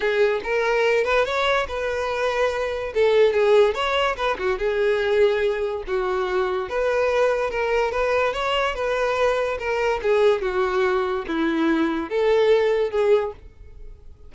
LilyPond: \new Staff \with { instrumentName = "violin" } { \time 4/4 \tempo 4 = 144 gis'4 ais'4. b'8 cis''4 | b'2. a'4 | gis'4 cis''4 b'8 fis'8 gis'4~ | gis'2 fis'2 |
b'2 ais'4 b'4 | cis''4 b'2 ais'4 | gis'4 fis'2 e'4~ | e'4 a'2 gis'4 | }